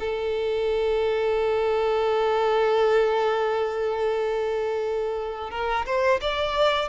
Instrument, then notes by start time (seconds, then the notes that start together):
violin
0.00 A4
5.51 A#4
5.86 C5
6.21 D5